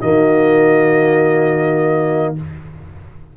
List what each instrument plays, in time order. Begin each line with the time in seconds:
0.00 tuba D#3, trombone A#3, horn F#4, trumpet D#5